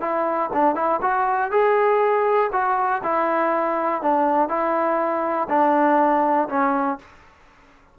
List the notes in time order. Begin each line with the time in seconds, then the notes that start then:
0.00 E4
0.53 D4
0.75 E4
1.01 F#4
1.51 G#4
2.52 F#4
3.03 E4
4.02 D4
4.49 E4
5.49 D4
6.49 C#4